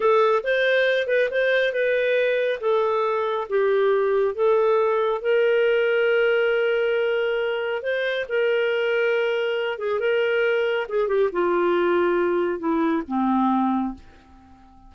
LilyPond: \new Staff \with { instrumentName = "clarinet" } { \time 4/4 \tempo 4 = 138 a'4 c''4. b'8 c''4 | b'2 a'2 | g'2 a'2 | ais'1~ |
ais'2 c''4 ais'4~ | ais'2~ ais'8 gis'8 ais'4~ | ais'4 gis'8 g'8 f'2~ | f'4 e'4 c'2 | }